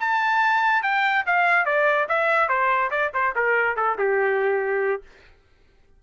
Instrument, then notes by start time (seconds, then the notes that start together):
trumpet
0.00 A5
0.83 G5
1.26 F5
1.66 D5
2.09 E5
2.49 C5
2.91 D5
3.14 C5
3.36 A#4
3.76 A4
3.98 G4